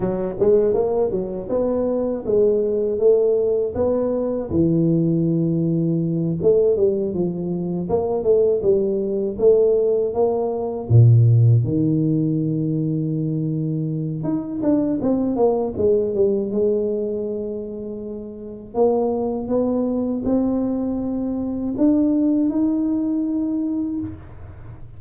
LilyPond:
\new Staff \with { instrumentName = "tuba" } { \time 4/4 \tempo 4 = 80 fis8 gis8 ais8 fis8 b4 gis4 | a4 b4 e2~ | e8 a8 g8 f4 ais8 a8 g8~ | g8 a4 ais4 ais,4 dis8~ |
dis2. dis'8 d'8 | c'8 ais8 gis8 g8 gis2~ | gis4 ais4 b4 c'4~ | c'4 d'4 dis'2 | }